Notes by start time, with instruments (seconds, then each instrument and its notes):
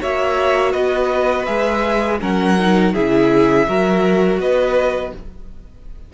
0.00 cello A#3, viola F#4, violin C#5 E5
0.72 cello B3, violin B4 D#5
1.45 cello G#3, viola G#4, violin E5
2.19 cello F#3, viola C#4, violin A#4 F#5
2.59 viola D#4
2.93 cello C#3, viola E4, violin G#4 E5
3.67 cello F#3, viola F#4, violin A#4
4.38 cello B3, violin B4 D#5